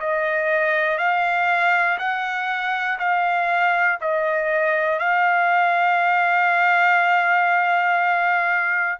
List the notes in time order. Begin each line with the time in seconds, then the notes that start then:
0.00 D#5
0.99 F5
1.99 F#5
2.99 F5
4.01 D#5
4.99 F5